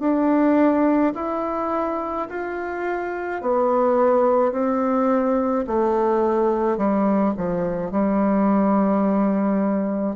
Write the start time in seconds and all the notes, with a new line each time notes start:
0.00 D4
1.15 E4
2.30 F4
3.42 B3
4.52 C4
5.67 A3
6.78 G3
7.37 F3
7.91 G3